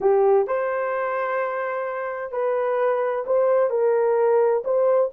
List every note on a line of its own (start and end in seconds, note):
0.00 0.47 G4
0.47 2.31 C5
2.31 3.24 B4
3.26 3.70 C5
3.70 4.63 A#4
4.64 5.10 C5